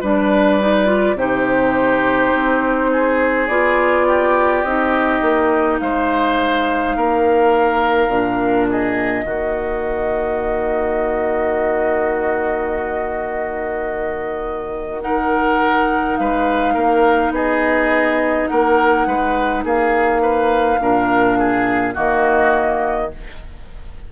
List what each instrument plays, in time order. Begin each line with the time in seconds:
0.00 bassoon G3, clarinet D4, oboe B4, flute D5
0.60 clarinet D#4
0.86 clarinet F4
1.14 bassoon C3, clarinet D#4, oboe G4, flute C5
2.33 bassoon C4
2.92 oboe G#4
3.47 bassoon B3, clarinet F4, flute D5
4.07 oboe G4
4.62 bassoon C4, clarinet D#4, flute D#5
5.21 bassoon A#3
5.79 bassoon G#3, oboe C5, flute F5
6.96 bassoon A#3, oboe A#4
8.08 bassoon A#2, clarinet D4
8.69 oboe G#4, flute D#5
9.24 bassoon D#3, clarinet A#3, oboe F#4
15.00 clarinet D#4, oboe A#4, flute F#5
16.17 bassoon G#3, oboe B4, flute F5
16.74 bassoon A#3, oboe A#4
17.30 bassoon B3, oboe G#4, flute D#5
18.47 bassoon A#3, oboe A#4, flute F#5
19.06 bassoon G#3, oboe B4
19.64 bassoon A#3, oboe G#4, flute F5
20.22 oboe B4
20.80 bassoon A#2, clarinet D4, oboe A#4
21.38 oboe G#4
21.93 bassoon D#3, clarinet A#3, oboe F#4, flute D#5